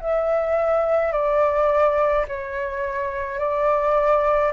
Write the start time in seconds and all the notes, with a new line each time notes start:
0.00 E5
1.13 D5
2.28 C#5
3.39 D5